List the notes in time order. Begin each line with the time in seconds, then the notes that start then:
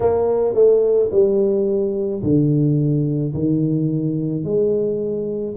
0.00 A#3
0.54 A3
1.11 G3
2.22 D3
3.33 D#3
4.43 G#3